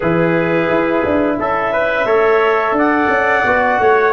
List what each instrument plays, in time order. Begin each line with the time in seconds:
0.00 tuba E3, trombone E4, trumpet G#4, clarinet B4
0.69 tuba E4
1.05 tuba D4
1.39 tuba C#4, trumpet A4, clarinet E5
1.72 trumpet B4
2.05 tuba A3, trombone A4, trumpet C#5
2.72 tuba D4, clarinet F#5
2.78 trumpet D5
3.08 tuba C#4
3.44 tuba B3, trombone F#4
3.79 tuba A3, trumpet C#5